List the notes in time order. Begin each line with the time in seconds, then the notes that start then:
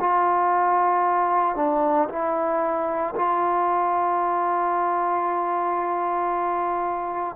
0.00 F4
1.56 D4
2.09 E4
3.16 F4